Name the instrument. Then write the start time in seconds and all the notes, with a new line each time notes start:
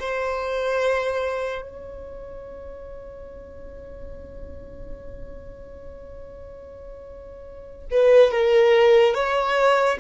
violin
0.00 C5
1.62 C#5
7.91 B4
8.31 A#4
9.14 C#5